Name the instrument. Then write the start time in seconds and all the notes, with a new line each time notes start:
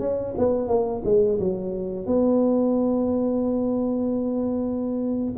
tuba
0.00 C#4
0.38 B3
0.68 A#3
1.05 G#3
1.40 F#3
2.07 B3